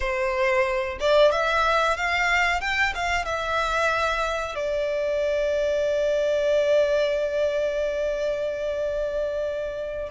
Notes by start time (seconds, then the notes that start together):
0.00 C5
1.00 D5
1.31 E5
1.96 F5
2.61 G5
2.94 F5
3.25 E5
4.55 D5